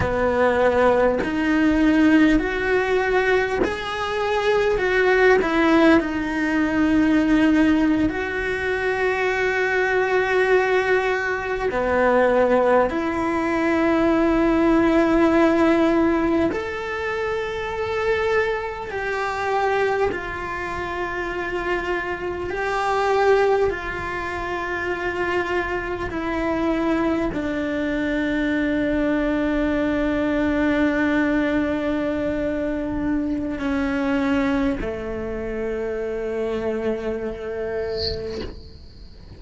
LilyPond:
\new Staff \with { instrumentName = "cello" } { \time 4/4 \tempo 4 = 50 b4 dis'4 fis'4 gis'4 | fis'8 e'8 dis'4.~ dis'16 fis'4~ fis'16~ | fis'4.~ fis'16 b4 e'4~ e'16~ | e'4.~ e'16 a'2 g'16~ |
g'8. f'2 g'4 f'16~ | f'4.~ f'16 e'4 d'4~ d'16~ | d'1 | cis'4 a2. | }